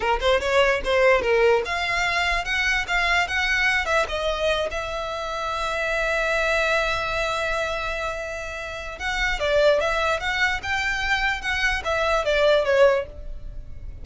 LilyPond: \new Staff \with { instrumentName = "violin" } { \time 4/4 \tempo 4 = 147 ais'8 c''8 cis''4 c''4 ais'4 | f''2 fis''4 f''4 | fis''4. e''8 dis''4. e''8~ | e''1~ |
e''1~ | e''2 fis''4 d''4 | e''4 fis''4 g''2 | fis''4 e''4 d''4 cis''4 | }